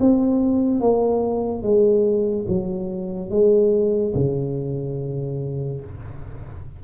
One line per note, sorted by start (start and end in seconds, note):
0.00 0.80 C4
0.80 1.63 A#3
1.63 2.46 G#3
2.48 3.30 F#3
3.30 4.14 G#3
4.14 5.81 C#3